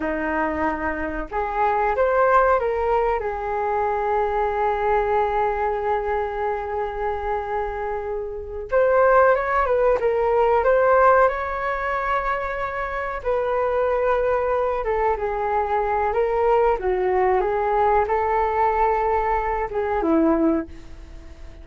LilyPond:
\new Staff \with { instrumentName = "flute" } { \time 4/4 \tempo 4 = 93 dis'2 gis'4 c''4 | ais'4 gis'2.~ | gis'1~ | gis'4. c''4 cis''8 b'8 ais'8~ |
ais'8 c''4 cis''2~ cis''8~ | cis''8 b'2~ b'8 a'8 gis'8~ | gis'4 ais'4 fis'4 gis'4 | a'2~ a'8 gis'8 e'4 | }